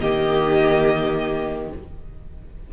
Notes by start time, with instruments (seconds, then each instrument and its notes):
0.00 cello D#3, viola A#3, violin G4 D#5